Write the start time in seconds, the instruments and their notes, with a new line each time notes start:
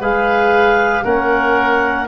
0.00 tuba G#3, trombone G#4, oboe B4, clarinet F5
1.04 tuba A#3, trombone C#4, oboe A#4, clarinet F#5